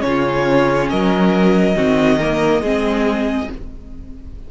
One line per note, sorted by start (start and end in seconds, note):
0.00 0.91 C#3
0.00 1.74 C#4
0.00 0.88 C#5
0.06 0.90 F4
0.90 1.75 F#3
0.90 1.76 A#4
0.90 3.51 D#5
1.75 2.61 D#3
1.75 2.19 C4
1.75 2.19 F#4
2.19 2.64 A#3
2.19 2.62 A#4
2.61 3.47 G#3
2.61 3.51 C4
2.61 3.49 G#4